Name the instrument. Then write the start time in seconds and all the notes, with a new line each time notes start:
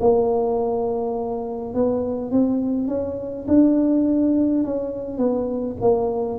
tuba
0.00 A#3
1.74 B3
2.31 C4
2.88 C#4
3.48 D4
4.64 C#4
5.18 B3
5.81 A#3